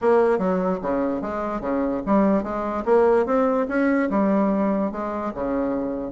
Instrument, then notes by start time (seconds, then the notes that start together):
bassoon
0.01 A#3
0.38 F#3
0.82 C#3
1.21 G#3
1.60 C#3
2.06 G3
2.43 G#3
2.85 A#3
3.25 C4
3.68 C#4
4.10 G3
4.91 G#3
5.34 C#3